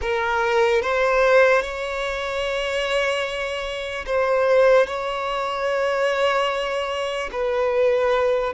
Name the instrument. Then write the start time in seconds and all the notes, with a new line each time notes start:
violin
0.01 A#4
0.81 C5
1.62 C#5
4.05 C5
4.86 C#5
7.32 B4